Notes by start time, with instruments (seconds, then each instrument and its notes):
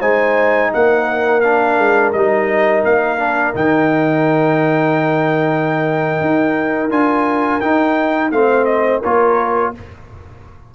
0.00 tuba G#3, trombone D#4, horn C5, trumpet G#5
0.73 tuba A#3, horn A#4, trumpet F#5
1.41 trombone D4, trumpet F5
1.78 tuba G#3
2.13 tuba G3, trombone D#4, trumpet D#5
2.84 tuba A#3, trumpet F5
3.19 trombone D4
3.54 tuba D#3, trombone D#4, trumpet G5
6.21 tuba D#4
6.90 tuba D4, trombone F4, trumpet G#5
7.60 trombone D#4, tuba D#4, trumpet G5
8.31 tuba A3, trombone C4, horn C5, trumpet F5
8.65 trumpet D#5
9.01 tuba A#3, trombone F4, horn A#4, trumpet C#5